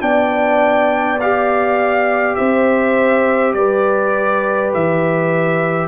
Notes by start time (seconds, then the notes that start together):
0.00 B3 D4 D5 G5
1.21 G4 F5
2.36 C4 C5 E5
3.53 G3 B4 D5
4.74 E3 E5